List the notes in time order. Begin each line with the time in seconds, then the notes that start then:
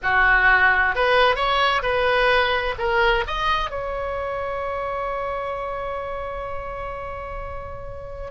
0.03 F#4
0.95 B4
1.35 C#5
1.82 B4
2.78 A#4
3.27 D#5
3.70 C#5